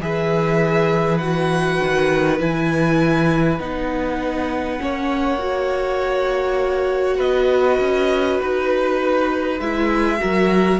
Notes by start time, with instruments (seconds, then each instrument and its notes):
0.00 cello E3, viola G#4, violin B4 E5
1.18 viola F#4, violin F#5
1.83 cello D#3
2.39 cello E3, viola E4, violin G#5
3.60 cello B3, viola D#4, violin F#5
4.79 cello A#3, viola C#4, violin C#5
5.39 viola F#4
7.17 cello B3, violin B4 D#5
7.80 cello C#4
8.41 cello D#4, violin B4
9.60 cello G#3, viola E4, violin E5
10.19 cello F#3, viola F#4, violin A#4